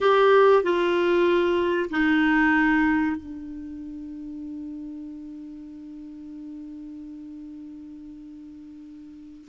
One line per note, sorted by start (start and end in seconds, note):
0.00 0.63 G4
0.63 1.89 F4
1.90 3.16 D#4
3.16 9.48 D4